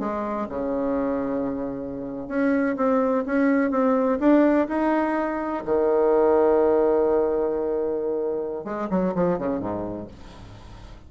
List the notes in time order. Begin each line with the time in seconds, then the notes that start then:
0.00 G#3
0.50 C#3
2.28 C#4
2.77 C4
3.26 C#4
3.71 C4
4.20 D4
4.69 D#4
5.66 D#3
8.65 G#3
8.91 F#3
9.15 F3
9.39 C#3
9.60 G#2